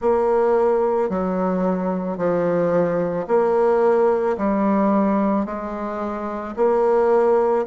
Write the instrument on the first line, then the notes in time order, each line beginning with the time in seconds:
bassoon
0.01 A#3
1.09 F#3
2.17 F3
3.27 A#3
4.37 G3
5.45 G#3
6.56 A#3